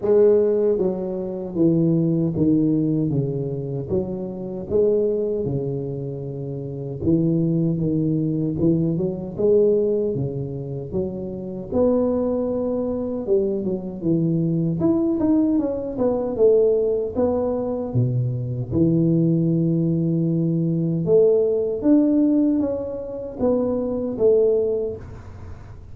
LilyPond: \new Staff \with { instrumentName = "tuba" } { \time 4/4 \tempo 4 = 77 gis4 fis4 e4 dis4 | cis4 fis4 gis4 cis4~ | cis4 e4 dis4 e8 fis8 | gis4 cis4 fis4 b4~ |
b4 g8 fis8 e4 e'8 dis'8 | cis'8 b8 a4 b4 b,4 | e2. a4 | d'4 cis'4 b4 a4 | }